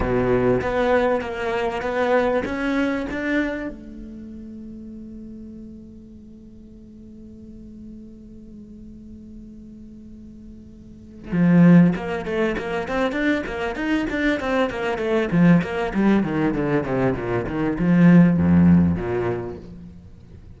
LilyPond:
\new Staff \with { instrumentName = "cello" } { \time 4/4 \tempo 4 = 98 b,4 b4 ais4 b4 | cis'4 d'4 a2~ | a1~ | a1~ |
a2~ a8 f4 ais8 | a8 ais8 c'8 d'8 ais8 dis'8 d'8 c'8 | ais8 a8 f8 ais8 g8 dis8 d8 c8 | ais,8 dis8 f4 f,4 ais,4 | }